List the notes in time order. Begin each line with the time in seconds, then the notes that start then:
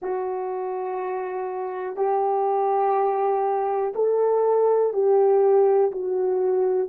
0.02 F#4
1.96 G4
3.95 A4
4.93 G4
5.91 F#4